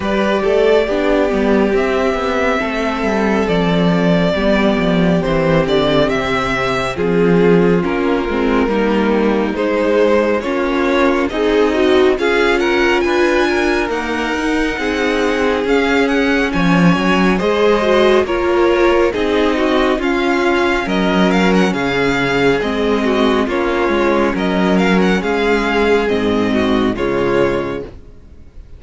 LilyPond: <<
  \new Staff \with { instrumentName = "violin" } { \time 4/4 \tempo 4 = 69 d''2 e''2 | d''2 c''8 d''8 e''4 | gis'4 ais'2 c''4 | cis''4 dis''4 f''8 fis''8 gis''4 |
fis''2 f''8 fis''8 gis''4 | dis''4 cis''4 dis''4 f''4 | dis''8 f''16 fis''16 f''4 dis''4 cis''4 | dis''8 f''16 fis''16 f''4 dis''4 cis''4 | }
  \new Staff \with { instrumentName = "violin" } { \time 4/4 b'8 a'8 g'2 a'4~ | a'4 g'2. | f'2 dis'2 | f'4 dis'4 gis'8 ais'8 b'8 ais'8~ |
ais'4 gis'2 cis''4 | c''4 ais'4 gis'8 fis'8 f'4 | ais'4 gis'4. fis'8 f'4 | ais'4 gis'4. fis'8 f'4 | }
  \new Staff \with { instrumentName = "viola" } { \time 4/4 g'4 d'8 b8 c'2~ | c'4 b4 c'2~ | c'4 cis'8 c'8 ais4 gis4 | cis'4 gis'8 fis'8 f'2 |
ais8 dis'4. cis'2 | gis'8 fis'8 f'4 dis'4 cis'4~ | cis'2 c'4 cis'4~ | cis'2 c'4 gis4 | }
  \new Staff \with { instrumentName = "cello" } { \time 4/4 g8 a8 b8 g8 c'8 b8 a8 g8 | f4 g8 f8 e8 d8 c4 | f4 ais8 gis8 g4 gis4 | ais4 c'4 cis'4 d'4 |
dis'4 c'4 cis'4 f8 fis8 | gis4 ais4 c'4 cis'4 | fis4 cis4 gis4 ais8 gis8 | fis4 gis4 gis,4 cis4 | }
>>